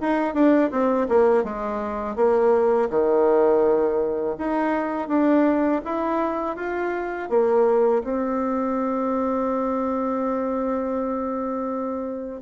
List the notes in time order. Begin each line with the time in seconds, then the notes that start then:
0.00 D#4
0.34 D4
0.71 C4
1.08 A#3
1.43 G#3
2.16 A#3
2.89 D#3
4.38 D#4
5.08 D4
5.84 E4
6.56 F4
7.29 A#3
8.03 C4